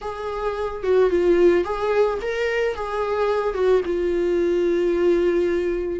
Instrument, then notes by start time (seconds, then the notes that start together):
viola
0.01 G#4
0.83 F#4
1.10 F4
1.64 G#4
2.21 A#4
2.74 G#4
3.53 F#4
3.85 F4